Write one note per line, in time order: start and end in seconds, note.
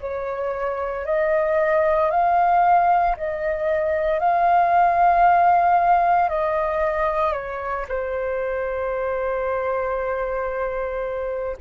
0.00 1.05 C#5
1.05 2.10 D#5
2.10 3.15 F5
3.16 4.19 D#5
4.19 6.29 F5
6.29 7.33 D#5
7.33 7.85 C#5
7.88 11.56 C5